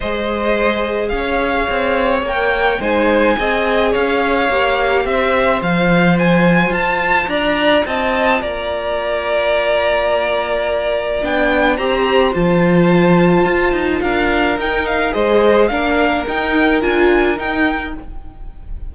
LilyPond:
<<
  \new Staff \with { instrumentName = "violin" } { \time 4/4 \tempo 4 = 107 dis''2 f''2 | g''4 gis''2 f''4~ | f''4 e''4 f''4 gis''4 | a''4 ais''4 a''4 ais''4~ |
ais''1 | g''4 ais''4 a''2~ | a''4 f''4 g''8 f''8 dis''4 | f''4 g''4 gis''4 g''4 | }
  \new Staff \with { instrumentName = "violin" } { \time 4/4 c''2 cis''2~ | cis''4 c''4 dis''4 cis''4~ | cis''4 c''2.~ | c''4 d''4 dis''4 d''4~ |
d''1~ | d''4 c''2.~ | c''4 ais'2 c''4 | ais'1 | }
  \new Staff \with { instrumentName = "viola" } { \time 4/4 gis'1 | ais'4 dis'4 gis'2 | g'2 f'2~ | f'1~ |
f'1 | d'4 g'4 f'2~ | f'2 dis'4 gis'4 | d'4 dis'4 f'4 dis'4 | }
  \new Staff \with { instrumentName = "cello" } { \time 4/4 gis2 cis'4 c'4 | ais4 gis4 c'4 cis'4 | ais4 c'4 f2 | f'4 d'4 c'4 ais4~ |
ais1 | b4 c'4 f2 | f'8 dis'8 d'4 dis'4 gis4 | ais4 dis'4 d'4 dis'4 | }
>>